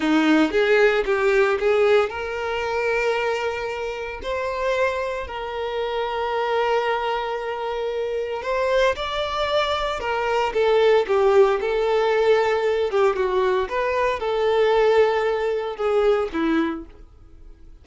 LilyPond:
\new Staff \with { instrumentName = "violin" } { \time 4/4 \tempo 4 = 114 dis'4 gis'4 g'4 gis'4 | ais'1 | c''2 ais'2~ | ais'1 |
c''4 d''2 ais'4 | a'4 g'4 a'2~ | a'8 g'8 fis'4 b'4 a'4~ | a'2 gis'4 e'4 | }